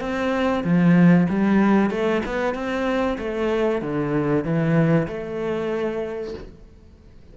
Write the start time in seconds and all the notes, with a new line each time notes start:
0.00 C4
0.64 F3
1.29 G3
1.90 A3
2.25 B3
2.54 C4
3.18 A3
3.81 D3
4.44 E3
5.07 A3